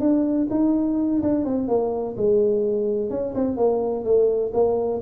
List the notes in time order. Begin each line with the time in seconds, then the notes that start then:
0.00 D4
0.51 D#4
1.22 D4
1.45 C4
1.68 A#3
2.17 G#3
3.10 C#4
3.35 C4
3.57 A#3
4.05 A3
4.54 A#3